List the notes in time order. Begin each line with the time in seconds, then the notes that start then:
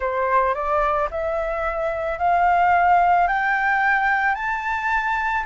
0.00 C5
0.54 D5
1.10 E5
2.18 F5
3.27 G5
4.34 A5